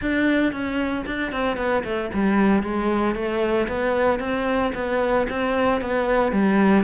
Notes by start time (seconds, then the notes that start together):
0.01 D4
0.52 C#4
1.06 D4
1.32 C4
1.56 B3
1.84 A3
2.13 G3
2.62 G#3
3.15 A3
3.67 B3
4.19 C4
4.74 B3
5.29 C4
5.81 B3
6.32 G3